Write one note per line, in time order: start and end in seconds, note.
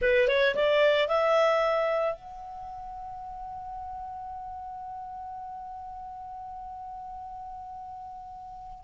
0.01 0.28 B4
0.28 0.55 C#5
0.55 1.08 D5
1.08 2.14 E5
2.14 8.84 F#5